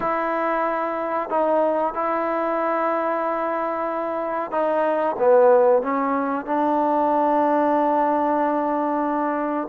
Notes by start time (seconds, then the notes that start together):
0.00 E4
1.29 D#4
1.94 E4
4.51 D#4
5.18 B3
5.82 C#4
6.45 D4